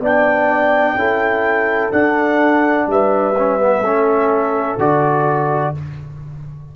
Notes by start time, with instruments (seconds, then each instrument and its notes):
0.00 tuba B3, trombone D4, horn D5, trumpet G5
0.95 tuba C#4, trombone E4, horn A4
1.92 trombone D4, tuba D4, trumpet F#5
2.87 tuba G3, horn B4, trumpet E5
3.38 trombone C#4
3.60 trombone B3
3.81 tuba A3, trombone C#4, horn A4
4.78 tuba D3, trombone F#4, trumpet D5